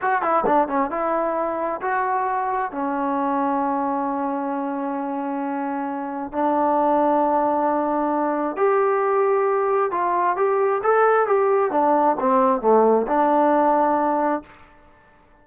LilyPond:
\new Staff \with { instrumentName = "trombone" } { \time 4/4 \tempo 4 = 133 fis'8 e'8 d'8 cis'8 e'2 | fis'2 cis'2~ | cis'1~ | cis'2 d'2~ |
d'2. g'4~ | g'2 f'4 g'4 | a'4 g'4 d'4 c'4 | a4 d'2. | }